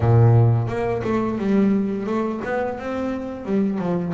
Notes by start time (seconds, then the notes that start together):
0.00 A#2
0.67 A#3
1.03 A3
1.38 G3
2.06 A3
2.44 B3
2.79 C4
3.45 G3
3.78 F3